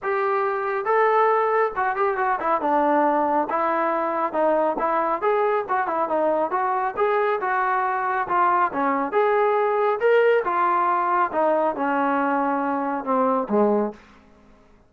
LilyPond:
\new Staff \with { instrumentName = "trombone" } { \time 4/4 \tempo 4 = 138 g'2 a'2 | fis'8 g'8 fis'8 e'8 d'2 | e'2 dis'4 e'4 | gis'4 fis'8 e'8 dis'4 fis'4 |
gis'4 fis'2 f'4 | cis'4 gis'2 ais'4 | f'2 dis'4 cis'4~ | cis'2 c'4 gis4 | }